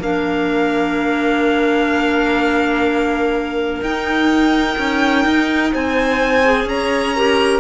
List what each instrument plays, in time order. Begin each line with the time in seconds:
0.00 cello A#3, clarinet D4 A#4, violin F5
3.81 cello D#4, clarinet D#4, violin G5
4.79 cello C#4
5.26 cello D#4
5.73 cello C4, clarinet C5, violin G#5
6.45 clarinet G#4
6.65 cello C#4, clarinet C#5, violin A#5
7.16 clarinet G4 A#4